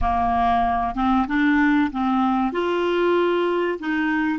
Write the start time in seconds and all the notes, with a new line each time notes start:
0.01 A#3
0.95 C4
1.27 D4
1.91 C4
2.52 F4
3.79 D#4